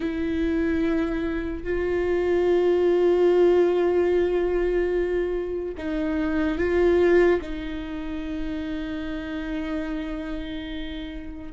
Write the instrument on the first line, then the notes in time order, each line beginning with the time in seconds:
viola
0.00 E4
1.63 F4
5.77 D#4
6.58 F4
7.41 D#4